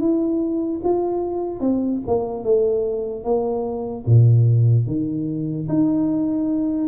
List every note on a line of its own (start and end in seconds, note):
0.00 0.81 E4
0.84 1.60 F4
1.60 2.00 C4
2.07 2.44 A#3
2.44 3.24 A3
3.24 4.05 A#3
4.06 4.86 A#2
4.86 5.68 D#3
5.69 6.88 D#4